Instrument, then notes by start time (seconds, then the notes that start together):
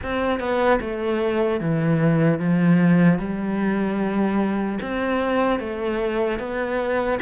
cello
0.03 C4
0.39 B3
0.80 A3
1.60 E3
2.39 F3
3.18 G3
4.81 C4
5.59 A3
6.39 B3